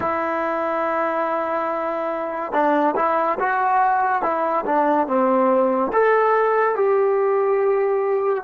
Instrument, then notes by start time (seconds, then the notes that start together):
trombone
0.00 E4
2.52 D4
2.96 E4
3.39 F#4
4.22 E4
4.65 D4
5.07 C4
5.92 A4
6.75 G4